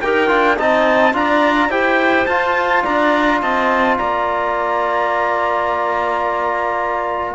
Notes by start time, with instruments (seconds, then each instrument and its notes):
0.00 cello D#4, trombone G4, clarinet A#4, trumpet G5
0.27 cello D4, trombone F4
0.57 cello C4, trombone D#4, clarinet D#5, trumpet A5
1.12 cello D4, trombone F4, clarinet D5, trumpet A#5
1.69 cello E4, trombone G4, clarinet C5, trumpet G5
2.25 cello F4, trombone F4, trumpet A5
2.82 cello D4, clarinet D5, trumpet A#5
3.41 cello C4, clarinet D#5, trumpet A5
3.97 cello A#3, clarinet D5, trumpet A#5